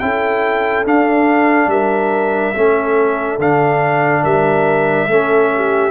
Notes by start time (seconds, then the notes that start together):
0.00 C#4 E4 A4 G5
0.86 D4 F5
1.67 G3 A#4 E5
2.55 A3 C#4 A4
3.39 D3 D4 F5
4.23 G3 A#4 E5
5.08 A3 C#4 A4
5.56 G4